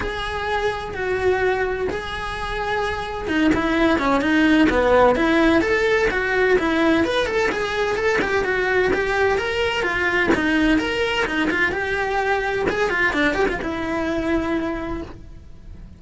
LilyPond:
\new Staff \with { instrumentName = "cello" } { \time 4/4 \tempo 4 = 128 gis'2 fis'2 | gis'2. dis'8 e'8~ | e'8 cis'8 dis'4 b4 e'4 | a'4 fis'4 e'4 b'8 a'8 |
gis'4 a'8 g'8 fis'4 g'4 | ais'4 f'4 dis'4 ais'4 | dis'8 f'8 g'2 gis'8 f'8 | d'8 g'16 f'16 e'2. | }